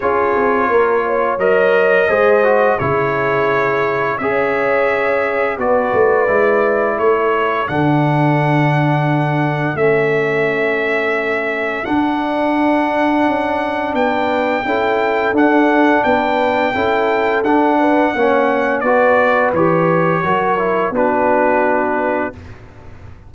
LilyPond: <<
  \new Staff \with { instrumentName = "trumpet" } { \time 4/4 \tempo 4 = 86 cis''2 dis''2 | cis''2 e''2 | d''2 cis''4 fis''4~ | fis''2 e''2~ |
e''4 fis''2. | g''2 fis''4 g''4~ | g''4 fis''2 d''4 | cis''2 b'2 | }
  \new Staff \with { instrumentName = "horn" } { \time 4/4 gis'4 ais'8 cis''4. c''4 | gis'2 cis''2 | b'2 a'2~ | a'1~ |
a'1 | b'4 a'2 b'4 | a'4. b'8 cis''4 b'4~ | b'4 ais'4 fis'2 | }
  \new Staff \with { instrumentName = "trombone" } { \time 4/4 f'2 ais'4 gis'8 fis'8 | e'2 gis'2 | fis'4 e'2 d'4~ | d'2 cis'2~ |
cis'4 d'2.~ | d'4 e'4 d'2 | e'4 d'4 cis'4 fis'4 | g'4 fis'8 e'8 d'2 | }
  \new Staff \with { instrumentName = "tuba" } { \time 4/4 cis'8 c'8 ais4 fis4 gis4 | cis2 cis'2 | b8 a8 gis4 a4 d4~ | d2 a2~ |
a4 d'2 cis'4 | b4 cis'4 d'4 b4 | cis'4 d'4 ais4 b4 | e4 fis4 b2 | }
>>